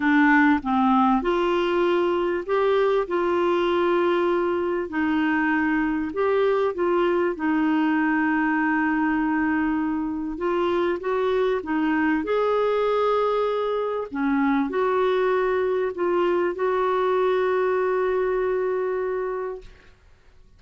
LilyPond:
\new Staff \with { instrumentName = "clarinet" } { \time 4/4 \tempo 4 = 98 d'4 c'4 f'2 | g'4 f'2. | dis'2 g'4 f'4 | dis'1~ |
dis'4 f'4 fis'4 dis'4 | gis'2. cis'4 | fis'2 f'4 fis'4~ | fis'1 | }